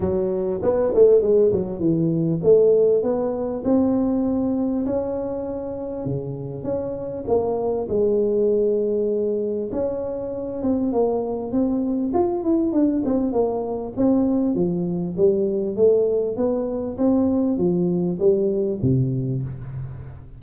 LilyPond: \new Staff \with { instrumentName = "tuba" } { \time 4/4 \tempo 4 = 99 fis4 b8 a8 gis8 fis8 e4 | a4 b4 c'2 | cis'2 cis4 cis'4 | ais4 gis2. |
cis'4. c'8 ais4 c'4 | f'8 e'8 d'8 c'8 ais4 c'4 | f4 g4 a4 b4 | c'4 f4 g4 c4 | }